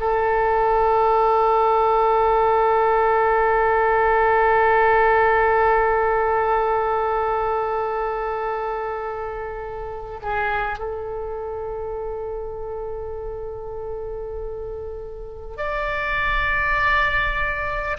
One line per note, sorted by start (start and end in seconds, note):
0.00 10.20 A4
10.22 10.78 G#4
10.78 15.57 A4
15.57 17.97 D5